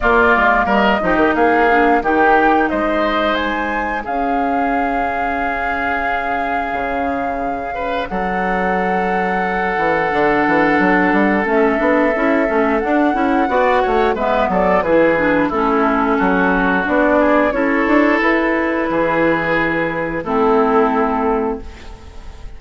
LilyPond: <<
  \new Staff \with { instrumentName = "flute" } { \time 4/4 \tempo 4 = 89 d''4 dis''4 f''4 g''4 | dis''4 gis''4 f''2~ | f''1 | fis''1~ |
fis''4 e''2 fis''4~ | fis''4 e''8 d''8 b'4 a'4~ | a'4 d''4 cis''4 b'4~ | b'2 a'2 | }
  \new Staff \with { instrumentName = "oboe" } { \time 4/4 f'4 ais'8 g'8 gis'4 g'4 | c''2 gis'2~ | gis'2.~ gis'8 b'8 | a'1~ |
a'1 | d''8 cis''8 b'8 a'8 gis'4 e'4 | fis'4. gis'8 a'2 | gis'2 e'2 | }
  \new Staff \with { instrumentName = "clarinet" } { \time 4/4 ais4. dis'4 d'8 dis'4~ | dis'2 cis'2~ | cis'1~ | cis'2. d'4~ |
d'4 cis'8 d'8 e'8 cis'8 d'8 e'8 | fis'4 b4 e'8 d'8 cis'4~ | cis'4 d'4 e'2~ | e'2 c'2 | }
  \new Staff \with { instrumentName = "bassoon" } { \time 4/4 ais8 gis8 g8 f16 dis16 ais4 dis4 | gis2 cis'2~ | cis'2 cis2 | fis2~ fis8 e8 d8 e8 |
fis8 g8 a8 b8 cis'8 a8 d'8 cis'8 | b8 a8 gis8 fis8 e4 a4 | fis4 b4 cis'8 d'8 e'4 | e2 a2 | }
>>